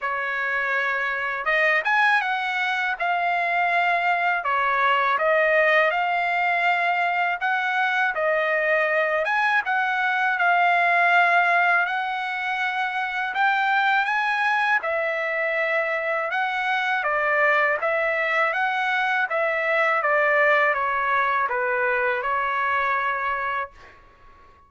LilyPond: \new Staff \with { instrumentName = "trumpet" } { \time 4/4 \tempo 4 = 81 cis''2 dis''8 gis''8 fis''4 | f''2 cis''4 dis''4 | f''2 fis''4 dis''4~ | dis''8 gis''8 fis''4 f''2 |
fis''2 g''4 gis''4 | e''2 fis''4 d''4 | e''4 fis''4 e''4 d''4 | cis''4 b'4 cis''2 | }